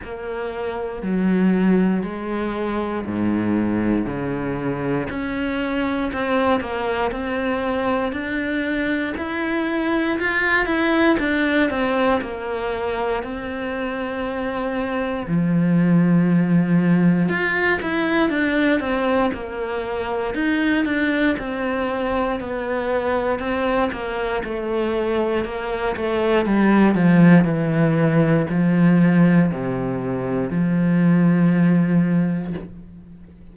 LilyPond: \new Staff \with { instrumentName = "cello" } { \time 4/4 \tempo 4 = 59 ais4 fis4 gis4 gis,4 | cis4 cis'4 c'8 ais8 c'4 | d'4 e'4 f'8 e'8 d'8 c'8 | ais4 c'2 f4~ |
f4 f'8 e'8 d'8 c'8 ais4 | dis'8 d'8 c'4 b4 c'8 ais8 | a4 ais8 a8 g8 f8 e4 | f4 c4 f2 | }